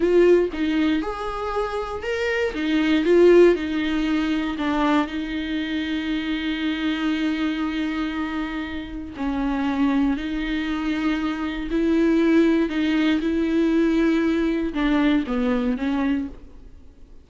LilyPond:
\new Staff \with { instrumentName = "viola" } { \time 4/4 \tempo 4 = 118 f'4 dis'4 gis'2 | ais'4 dis'4 f'4 dis'4~ | dis'4 d'4 dis'2~ | dis'1~ |
dis'2 cis'2 | dis'2. e'4~ | e'4 dis'4 e'2~ | e'4 d'4 b4 cis'4 | }